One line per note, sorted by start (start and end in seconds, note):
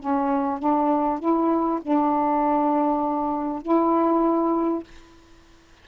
0.00 0.59 C#4
0.59 1.19 D4
1.19 1.80 E4
1.82 3.62 D4
3.62 4.83 E4